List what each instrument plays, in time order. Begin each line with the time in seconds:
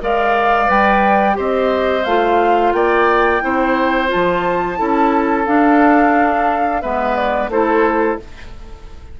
0.00 bassoon G#3, clarinet A#4, oboe D5, flute F5
0.66 bassoon G3, clarinet B4, flute G5
1.33 bassoon C4, clarinet G4, oboe C5
1.39 flute D#5
2.04 bassoon A3, clarinet F4, flute F5
2.72 bassoon A#3, oboe D5, flute G5
3.41 bassoon C4, clarinet E4, oboe C5
4.07 clarinet F4, flute A5
4.14 bassoon F3
4.76 bassoon C#4, clarinet E4, oboe A4
5.46 clarinet D4, bassoon D4, flute F5
6.82 bassoon G#3, clarinet B3, oboe B4, flute E5
7.16 flute D5
7.48 bassoon A3, clarinet E4, oboe A4, flute C5